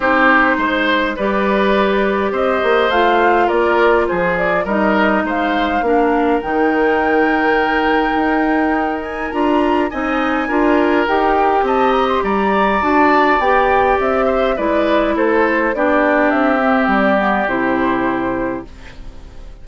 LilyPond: <<
  \new Staff \with { instrumentName = "flute" } { \time 4/4 \tempo 4 = 103 c''2 d''2 | dis''4 f''4 d''4 c''8 d''8 | dis''4 f''2 g''4~ | g''2.~ g''8 gis''8 |
ais''4 gis''2 g''4 | a''8 ais''16 c'''16 ais''4 a''4 g''4 | e''4 d''4 c''4 d''4 | e''4 d''4 c''2 | }
  \new Staff \with { instrumentName = "oboe" } { \time 4/4 g'4 c''4 b'2 | c''2 ais'4 gis'4 | ais'4 c''4 ais'2~ | ais'1~ |
ais'4 dis''4 ais'2 | dis''4 d''2.~ | d''8 c''8 b'4 a'4 g'4~ | g'1 | }
  \new Staff \with { instrumentName = "clarinet" } { \time 4/4 dis'2 g'2~ | g'4 f'2. | dis'2 d'4 dis'4~ | dis'1 |
f'4 dis'4 f'4 g'4~ | g'2 fis'4 g'4~ | g'4 e'2 d'4~ | d'8 c'4 b8 e'2 | }
  \new Staff \with { instrumentName = "bassoon" } { \time 4/4 c'4 gis4 g2 | c'8 ais8 a4 ais4 f4 | g4 gis4 ais4 dis4~ | dis2 dis'2 |
d'4 c'4 d'4 dis'4 | c'4 g4 d'4 b4 | c'4 gis4 a4 b4 | c'4 g4 c2 | }
>>